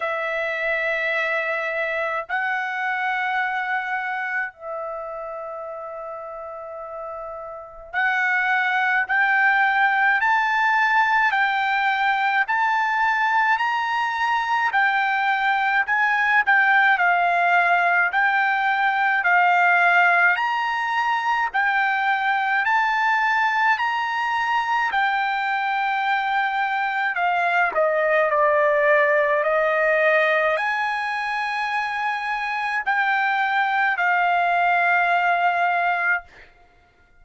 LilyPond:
\new Staff \with { instrumentName = "trumpet" } { \time 4/4 \tempo 4 = 53 e''2 fis''2 | e''2. fis''4 | g''4 a''4 g''4 a''4 | ais''4 g''4 gis''8 g''8 f''4 |
g''4 f''4 ais''4 g''4 | a''4 ais''4 g''2 | f''8 dis''8 d''4 dis''4 gis''4~ | gis''4 g''4 f''2 | }